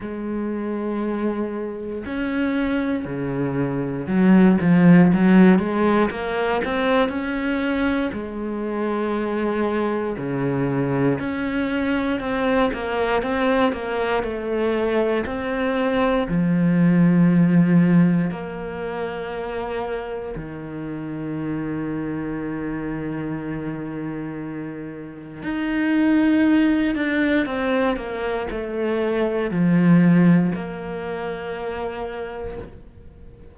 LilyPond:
\new Staff \with { instrumentName = "cello" } { \time 4/4 \tempo 4 = 59 gis2 cis'4 cis4 | fis8 f8 fis8 gis8 ais8 c'8 cis'4 | gis2 cis4 cis'4 | c'8 ais8 c'8 ais8 a4 c'4 |
f2 ais2 | dis1~ | dis4 dis'4. d'8 c'8 ais8 | a4 f4 ais2 | }